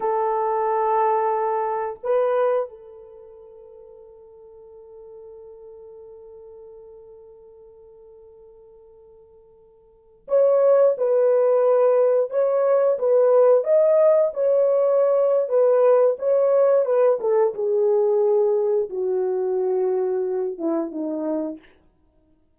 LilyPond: \new Staff \with { instrumentName = "horn" } { \time 4/4 \tempo 4 = 89 a'2. b'4 | a'1~ | a'1~ | a'2.~ a'16 cis''8.~ |
cis''16 b'2 cis''4 b'8.~ | b'16 dis''4 cis''4.~ cis''16 b'4 | cis''4 b'8 a'8 gis'2 | fis'2~ fis'8 e'8 dis'4 | }